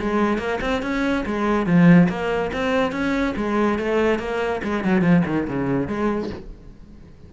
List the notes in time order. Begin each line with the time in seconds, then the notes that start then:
0.00 G#3
0.38 A#3
0.61 C4
0.83 C#4
1.26 G#3
1.67 F3
2.09 A#3
2.54 C4
2.92 C#4
3.36 G#3
3.79 A3
4.19 A#3
4.64 G#3
4.84 F#3
5.02 F3
5.26 D#3
5.48 C#3
5.88 G#3